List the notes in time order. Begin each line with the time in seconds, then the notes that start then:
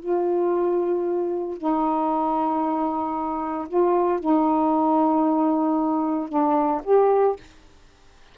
0.00 F4
1.58 D#4
3.69 F4
4.20 D#4
6.29 D4
6.84 G4